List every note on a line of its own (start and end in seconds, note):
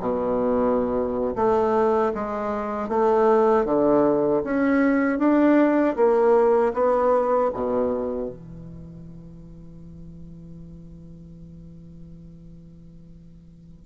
0.00 1.35 B2
1.35 2.12 A3
2.14 2.88 G#3
2.88 3.65 A3
3.65 4.42 D3
4.44 5.19 C#4
5.19 5.95 D4
5.96 6.73 A#3
6.73 7.50 B3
7.53 8.29 B2
8.29 13.86 E3